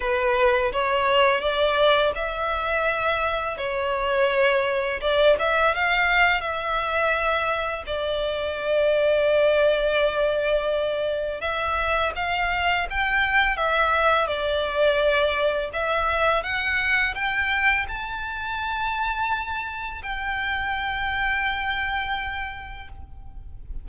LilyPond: \new Staff \with { instrumentName = "violin" } { \time 4/4 \tempo 4 = 84 b'4 cis''4 d''4 e''4~ | e''4 cis''2 d''8 e''8 | f''4 e''2 d''4~ | d''1 |
e''4 f''4 g''4 e''4 | d''2 e''4 fis''4 | g''4 a''2. | g''1 | }